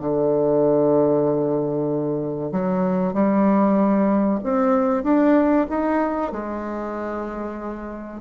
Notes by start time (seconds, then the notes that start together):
0.00 D3
2.52 F#3
3.13 G3
4.44 C4
5.04 D4
5.70 D#4
6.32 G#3